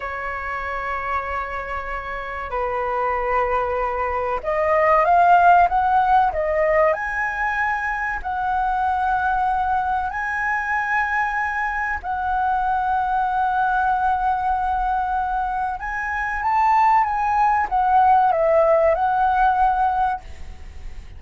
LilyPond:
\new Staff \with { instrumentName = "flute" } { \time 4/4 \tempo 4 = 95 cis''1 | b'2. dis''4 | f''4 fis''4 dis''4 gis''4~ | gis''4 fis''2. |
gis''2. fis''4~ | fis''1~ | fis''4 gis''4 a''4 gis''4 | fis''4 e''4 fis''2 | }